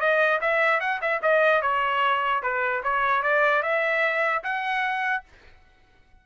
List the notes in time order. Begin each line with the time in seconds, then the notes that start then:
0.00 D#5
0.41 E5
0.80 F#5
1.02 E5
1.22 D#5
1.62 C#5
2.43 B4
2.84 C#5
3.23 D5
3.63 E5
4.43 F#5